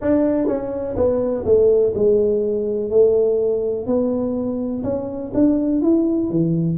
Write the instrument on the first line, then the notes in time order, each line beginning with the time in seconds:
tuba
0.01 D4
0.47 C#4
0.96 B3
1.45 A3
1.94 G#3
2.90 A3
3.86 B3
4.83 C#4
5.34 D4
5.81 E4
6.29 E3